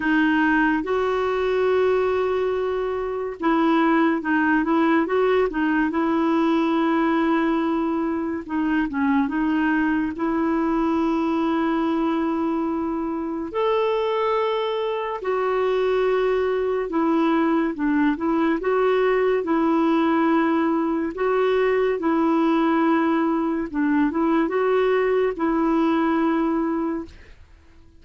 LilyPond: \new Staff \with { instrumentName = "clarinet" } { \time 4/4 \tempo 4 = 71 dis'4 fis'2. | e'4 dis'8 e'8 fis'8 dis'8 e'4~ | e'2 dis'8 cis'8 dis'4 | e'1 |
a'2 fis'2 | e'4 d'8 e'8 fis'4 e'4~ | e'4 fis'4 e'2 | d'8 e'8 fis'4 e'2 | }